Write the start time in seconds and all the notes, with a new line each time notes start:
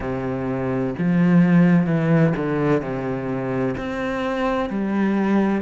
0.00 C3
0.98 F3
1.86 E3
2.36 D3
2.81 C3
3.77 C4
4.69 G3